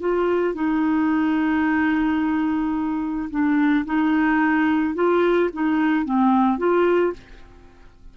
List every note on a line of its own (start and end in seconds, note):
0.00 0.54 F4
0.54 3.30 D#4
3.30 3.85 D4
3.85 4.95 D#4
4.95 5.50 F4
5.53 6.05 D#4
6.05 6.58 C4
6.58 7.13 F4